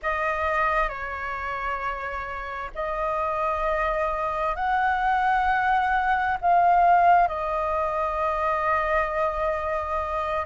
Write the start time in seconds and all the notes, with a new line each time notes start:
0.02 D#5
0.88 C#5
2.74 D#5
4.55 F#5
6.41 F5
7.27 D#5